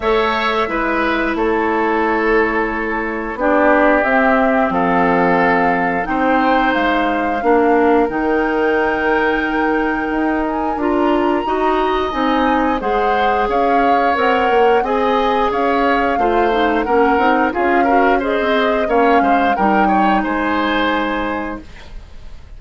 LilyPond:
<<
  \new Staff \with { instrumentName = "flute" } { \time 4/4 \tempo 4 = 89 e''2 cis''2~ | cis''4 d''4 e''4 f''4~ | f''4 g''4 f''2 | g''2.~ g''8 gis''8 |
ais''2 gis''4 fis''4 | f''4 fis''4 gis''4 f''4~ | f''4 fis''4 f''4 dis''4 | f''4 g''4 gis''2 | }
  \new Staff \with { instrumentName = "oboe" } { \time 4/4 cis''4 b'4 a'2~ | a'4 g'2 a'4~ | a'4 c''2 ais'4~ | ais'1~ |
ais'4 dis''2 c''4 | cis''2 dis''4 cis''4 | c''4 ais'4 gis'8 ais'8 c''4 | cis''8 c''8 ais'8 cis''8 c''2 | }
  \new Staff \with { instrumentName = "clarinet" } { \time 4/4 a'4 e'2.~ | e'4 d'4 c'2~ | c'4 dis'2 d'4 | dis'1 |
f'4 fis'4 dis'4 gis'4~ | gis'4 ais'4 gis'2 | f'8 dis'8 cis'8 dis'8 f'8 fis'8 gis'4 | cis'4 dis'2. | }
  \new Staff \with { instrumentName = "bassoon" } { \time 4/4 a4 gis4 a2~ | a4 b4 c'4 f4~ | f4 c'4 gis4 ais4 | dis2. dis'4 |
d'4 dis'4 c'4 gis4 | cis'4 c'8 ais8 c'4 cis'4 | a4 ais8 c'8 cis'4~ cis'16 c'8. | ais8 gis8 g4 gis2 | }
>>